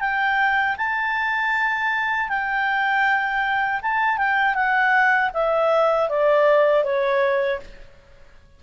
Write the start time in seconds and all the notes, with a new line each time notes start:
0.00 G5
0.77 A5
2.29 G5
3.82 A5
4.17 G5
4.54 F#5
5.33 E5
6.09 D5
6.84 C#5